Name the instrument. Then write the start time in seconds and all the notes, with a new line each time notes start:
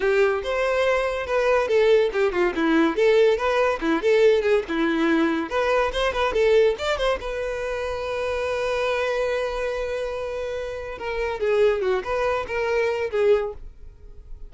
violin
0.00 G4
0.43 C5
1.26 B4
1.68 A4
2.12 G4
2.32 F4
2.55 E4
2.96 A4
3.37 B4
3.80 E4
4.02 A4
4.42 G#4
4.68 E4
5.49 B4
5.92 C5
6.12 B4
6.33 A4
6.78 D5
6.97 C5
7.20 B4
10.98 A#4
11.40 G#4
11.81 F#4
12.03 B4
12.47 A#4
13.10 G#4